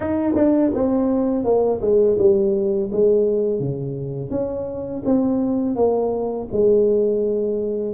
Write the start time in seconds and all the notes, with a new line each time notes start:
0.00 D#4
0.35 D4
0.74 C4
1.44 A#3
1.81 G#3
2.18 G3
2.92 G#3
3.59 C#3
4.30 C#4
5.05 C4
5.75 A#3
6.52 G#3